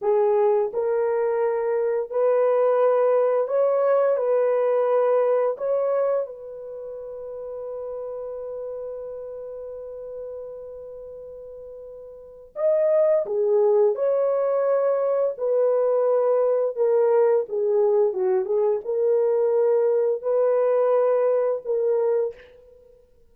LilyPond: \new Staff \with { instrumentName = "horn" } { \time 4/4 \tempo 4 = 86 gis'4 ais'2 b'4~ | b'4 cis''4 b'2 | cis''4 b'2.~ | b'1~ |
b'2 dis''4 gis'4 | cis''2 b'2 | ais'4 gis'4 fis'8 gis'8 ais'4~ | ais'4 b'2 ais'4 | }